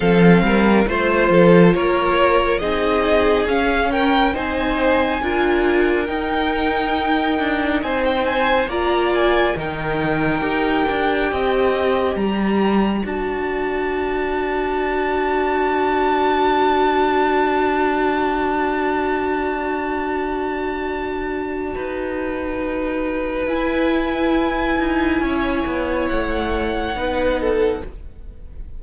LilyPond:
<<
  \new Staff \with { instrumentName = "violin" } { \time 4/4 \tempo 4 = 69 f''4 c''4 cis''4 dis''4 | f''8 g''8 gis''2 g''4~ | g''4 gis''16 g''16 gis''8 ais''8 gis''8 g''4~ | g''2 ais''4 a''4~ |
a''1~ | a''1~ | a''2. gis''4~ | gis''2 fis''2 | }
  \new Staff \with { instrumentName = "violin" } { \time 4/4 a'8 ais'8 c''8 a'8 ais'4 gis'4~ | gis'8 ais'8 c''4 ais'2~ | ais'4 c''4 d''4 ais'4~ | ais'4 dis''4 d''2~ |
d''1~ | d''1~ | d''4 b'2.~ | b'4 cis''2 b'8 a'8 | }
  \new Staff \with { instrumentName = "viola" } { \time 4/4 c'4 f'2 dis'4 | cis'4 dis'4 f'4 dis'4~ | dis'2 f'4 dis'4 | g'2. fis'4~ |
fis'1~ | fis'1~ | fis'2. e'4~ | e'2. dis'4 | }
  \new Staff \with { instrumentName = "cello" } { \time 4/4 f8 g8 a8 f8 ais4 c'4 | cis'4 c'4 d'4 dis'4~ | dis'8 d'8 c'4 ais4 dis4 | dis'8 d'8 c'4 g4 d'4~ |
d'1~ | d'1~ | d'4 dis'2 e'4~ | e'8 dis'8 cis'8 b8 a4 b4 | }
>>